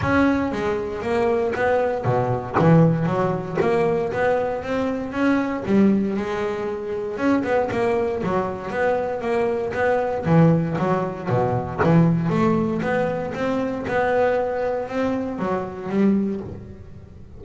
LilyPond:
\new Staff \with { instrumentName = "double bass" } { \time 4/4 \tempo 4 = 117 cis'4 gis4 ais4 b4 | b,4 e4 fis4 ais4 | b4 c'4 cis'4 g4 | gis2 cis'8 b8 ais4 |
fis4 b4 ais4 b4 | e4 fis4 b,4 e4 | a4 b4 c'4 b4~ | b4 c'4 fis4 g4 | }